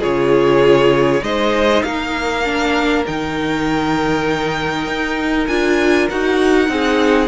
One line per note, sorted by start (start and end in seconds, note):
0.00 1.22 C#3
0.00 1.21 F4
0.00 1.21 G#4
0.00 1.24 C#5
1.21 1.83 G#3
1.21 2.42 D#4
1.21 1.85 C5
1.21 1.83 D#5
1.83 3.05 A#3
1.83 6.71 A#4
1.83 3.04 F5
2.45 3.05 D4
3.07 4.87 D#3
3.07 5.49 D#4
3.07 5.47 G5
4.87 5.48 D#4
5.47 6.09 D4
5.47 6.10 F4
5.47 6.08 G#5
6.10 6.69 D#4
6.10 6.67 F#4
6.10 7.28 F#5
6.67 7.28 C4
6.67 7.28 D#4
6.67 7.28 G#4